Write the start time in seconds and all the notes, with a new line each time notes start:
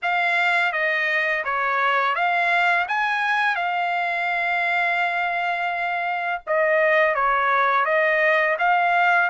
0.02 F5
0.72 D#5
1.44 C#5
2.15 F5
2.87 G#5
3.55 F5
6.46 D#5
7.14 C#5
7.85 D#5
8.58 F5